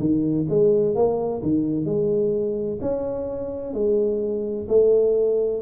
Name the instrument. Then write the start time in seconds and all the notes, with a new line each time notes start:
tuba
0.00 D#3
0.49 G#3
0.95 A#3
1.43 D#3
1.86 G#3
2.82 C#4
3.74 G#3
4.69 A3